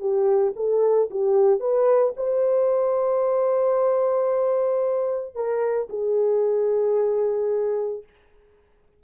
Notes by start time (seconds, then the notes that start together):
0.00 G4
0.56 A4
1.11 G4
1.60 B4
2.17 C5
5.35 A#4
5.90 G#4